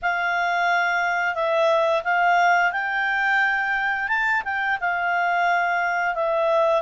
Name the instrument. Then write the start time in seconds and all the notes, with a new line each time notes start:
clarinet
0.02 F5
1.35 E5
2.04 F5
2.72 G5
4.08 A5
4.44 G5
4.80 F5
6.15 E5